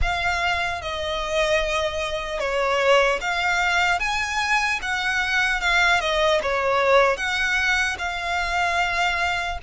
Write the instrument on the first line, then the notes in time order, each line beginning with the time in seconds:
violin
0.01 F5
0.81 D#5
2.39 C#5
3.20 F5
3.99 G#5
4.81 F#5
5.60 F5
6.00 D#5
6.42 C#5
7.16 F#5
7.98 F5